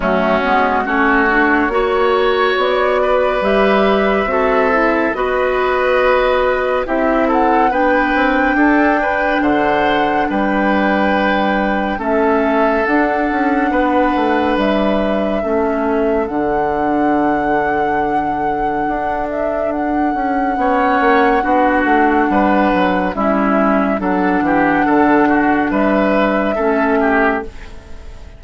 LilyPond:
<<
  \new Staff \with { instrumentName = "flute" } { \time 4/4 \tempo 4 = 70 fis'4 cis''2 d''4 | e''2 dis''2 | e''8 fis''8 g''2 fis''4 | g''2 e''4 fis''4~ |
fis''4 e''2 fis''4~ | fis''2~ fis''8 e''8 fis''4~ | fis''2. e''4 | fis''2 e''2 | }
  \new Staff \with { instrumentName = "oboe" } { \time 4/4 cis'4 fis'4 cis''4. b'8~ | b'4 a'4 b'2 | g'8 a'8 b'4 a'8 b'8 c''4 | b'2 a'2 |
b'2 a'2~ | a'1 | cis''4 fis'4 b'4 e'4 | a'8 g'8 a'8 fis'8 b'4 a'8 g'8 | }
  \new Staff \with { instrumentName = "clarinet" } { \time 4/4 a8 b8 cis'8 d'8 fis'2 | g'4 fis'8 e'8 fis'2 | e'4 d'2.~ | d'2 cis'4 d'4~ |
d'2 cis'4 d'4~ | d'1 | cis'4 d'2 cis'4 | d'2. cis'4 | }
  \new Staff \with { instrumentName = "bassoon" } { \time 4/4 fis8 gis8 a4 ais4 b4 | g4 c'4 b2 | c'4 b8 c'8 d'4 d4 | g2 a4 d'8 cis'8 |
b8 a8 g4 a4 d4~ | d2 d'4. cis'8 | b8 ais8 b8 a8 g8 fis8 g4 | fis8 e8 d4 g4 a4 | }
>>